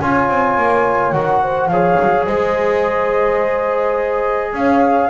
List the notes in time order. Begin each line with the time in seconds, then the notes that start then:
0.00 C#4 F4 C#5 G#5
0.29 C4
0.57 A#3
1.12 D#3 F#4 F#5
1.42 C5
1.67 F3 G#4 C#5 F5
2.00 F#3
2.26 G#3 C5 D#5
4.53 C#4 C#5 F5